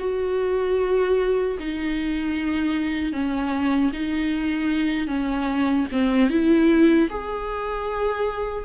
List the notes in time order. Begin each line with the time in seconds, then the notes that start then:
0.00 F#4
1.60 D#4
3.13 C#4
3.93 D#4
5.08 C#4
5.92 C4
6.30 E4
7.10 G#4